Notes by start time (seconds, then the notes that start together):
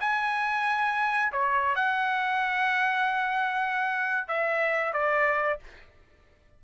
0.00 G#5
1.32 C#5
1.75 F#5
4.28 E5
4.93 D5